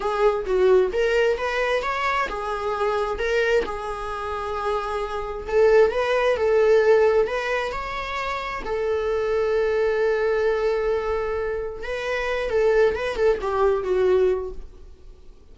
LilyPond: \new Staff \with { instrumentName = "viola" } { \time 4/4 \tempo 4 = 132 gis'4 fis'4 ais'4 b'4 | cis''4 gis'2 ais'4 | gis'1 | a'4 b'4 a'2 |
b'4 cis''2 a'4~ | a'1~ | a'2 b'4. a'8~ | a'8 b'8 a'8 g'4 fis'4. | }